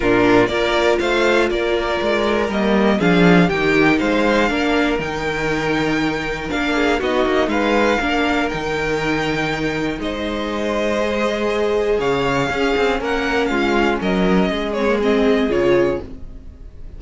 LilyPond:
<<
  \new Staff \with { instrumentName = "violin" } { \time 4/4 \tempo 4 = 120 ais'4 d''4 f''4 d''4~ | d''4 dis''4 f''4 g''4 | f''2 g''2~ | g''4 f''4 dis''4 f''4~ |
f''4 g''2. | dis''1 | f''2 fis''4 f''4 | dis''4. cis''8 dis''4 cis''4 | }
  \new Staff \with { instrumentName = "violin" } { \time 4/4 f'4 ais'4 c''4 ais'4~ | ais'2 gis'4 g'4 | c''4 ais'2.~ | ais'4. gis'8 fis'4 b'4 |
ais'1 | c''1 | cis''4 gis'4 ais'4 f'4 | ais'4 gis'2. | }
  \new Staff \with { instrumentName = "viola" } { \time 4/4 d'4 f'2.~ | f'4 ais4 d'4 dis'4~ | dis'4 d'4 dis'2~ | dis'4 d'4 dis'2 |
d'4 dis'2.~ | dis'2 gis'2~ | gis'4 cis'2.~ | cis'4. c'16 ais16 c'4 f'4 | }
  \new Staff \with { instrumentName = "cello" } { \time 4/4 ais,4 ais4 a4 ais4 | gis4 g4 f4 dis4 | gis4 ais4 dis2~ | dis4 ais4 b8 ais8 gis4 |
ais4 dis2. | gis1 | cis4 cis'8 c'8 ais4 gis4 | fis4 gis2 cis4 | }
>>